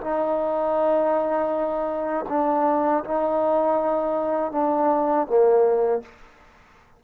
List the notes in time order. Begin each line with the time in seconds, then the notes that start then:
0.00 D#4
2.28 D4
3.04 D#4
4.51 D4
5.26 A#3